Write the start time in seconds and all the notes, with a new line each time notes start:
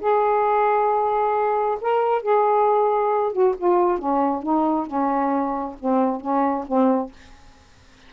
0.00 G#4
1.81 A#4
2.22 G#4
3.32 F#4
3.58 F4
3.98 C#4
4.42 D#4
4.86 C#4
5.80 C4
6.20 C#4
6.67 C4